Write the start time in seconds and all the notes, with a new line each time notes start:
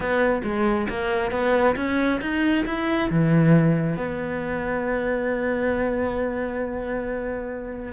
0.00 B3
0.43 G#3
0.89 A#3
1.31 B3
1.76 C#4
2.21 D#4
2.65 E4
3.10 E3
3.96 B3